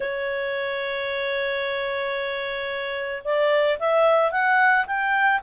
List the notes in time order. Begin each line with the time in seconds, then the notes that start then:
0.00 C#5
3.24 D5
3.79 E5
4.31 F#5
4.86 G5